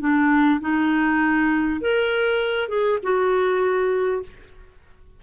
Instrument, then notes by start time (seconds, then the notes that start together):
clarinet
0.00 D4
0.60 D#4
1.81 A#4
2.68 G#4
3.03 F#4